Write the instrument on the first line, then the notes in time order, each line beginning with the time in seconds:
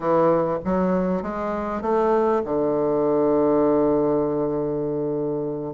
bassoon
0.00 E3
0.64 F#3
1.22 G#3
1.81 A3
2.45 D3